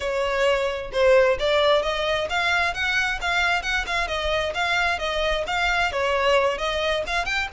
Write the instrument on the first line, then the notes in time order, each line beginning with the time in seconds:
violin
0.00 C#5
0.92 C5
1.39 D5
1.82 D#5
2.29 F5
2.74 F#5
3.21 F5
3.62 F#5
3.86 F5
4.07 D#5
4.54 F5
4.99 D#5
5.47 F5
5.92 C#5
6.58 D#5
7.06 F5
7.25 G5